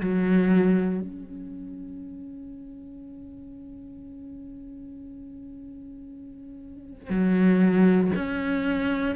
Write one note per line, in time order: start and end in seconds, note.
0.00 1.00 F#3
1.00 7.09 C#4
7.09 8.11 F#3
8.15 9.15 C#4